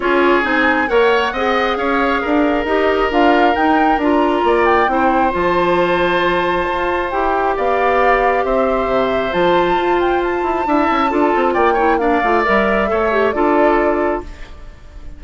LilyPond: <<
  \new Staff \with { instrumentName = "flute" } { \time 4/4 \tempo 4 = 135 cis''4 gis''4 fis''2 | f''2 dis''4 f''4 | g''4 ais''4. g''4. | a''1 |
g''4 f''2 e''4~ | e''4 a''4. g''8 a''4~ | a''2 g''4 f''4 | e''2 d''2 | }
  \new Staff \with { instrumentName = "oboe" } { \time 4/4 gis'2 cis''4 dis''4 | cis''4 ais'2.~ | ais'2 d''4 c''4~ | c''1~ |
c''4 d''2 c''4~ | c''1 | e''4 a'4 d''8 cis''8 d''4~ | d''4 cis''4 a'2 | }
  \new Staff \with { instrumentName = "clarinet" } { \time 4/4 f'4 dis'4 ais'4 gis'4~ | gis'2 g'4 f'4 | dis'4 f'2 e'4 | f'1 |
g'1~ | g'4 f'2. | e'4 f'4. e'8 d'8 f'8 | ais'4 a'8 g'8 f'2 | }
  \new Staff \with { instrumentName = "bassoon" } { \time 4/4 cis'4 c'4 ais4 c'4 | cis'4 d'4 dis'4 d'4 | dis'4 d'4 ais4 c'4 | f2. f'4 |
e'4 b2 c'4 | c4 f4 f'4. e'8 | d'8 cis'8 d'8 c'8 ais4. a8 | g4 a4 d'2 | }
>>